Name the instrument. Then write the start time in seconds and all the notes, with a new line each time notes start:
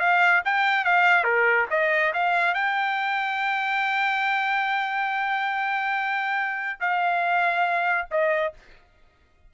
trumpet
0.00 F5
0.45 G5
0.85 F5
1.24 A#4
1.71 D#5
2.14 F5
2.54 G5
6.80 F5
8.11 D#5